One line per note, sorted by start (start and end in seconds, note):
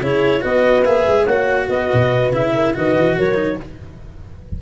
0.00 0.42 C#3
0.00 0.40 E4
0.00 0.41 G#4
0.00 0.43 C#5
0.40 0.86 B3
0.40 0.83 F#4
0.40 1.23 B4
0.40 0.84 D#5
0.84 1.07 A#3
0.84 1.27 G#4
0.84 1.26 E5
1.07 1.26 G#3
1.23 1.68 A#3
1.23 2.33 F#4
1.23 1.65 C#5
1.23 1.68 F#5
1.68 1.90 B3
1.68 2.52 B4
1.68 2.32 D#5
1.93 2.31 B2
2.31 2.74 C#3
2.31 2.74 E4
2.31 2.75 E5
2.54 2.75 A#4
2.74 2.96 D#3
2.74 3.34 F#4
2.74 3.17 B4
2.74 3.18 D#5
2.96 3.17 E3
3.17 3.61 F#3
3.17 3.59 A#4
3.17 3.60 C#5
3.34 3.55 D#4